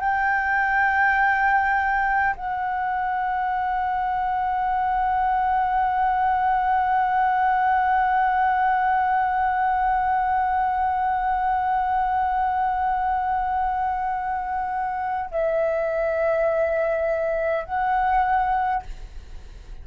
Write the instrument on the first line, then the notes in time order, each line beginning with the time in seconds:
flute
0.00 G5
2.36 F#5
15.31 E5
17.65 F#5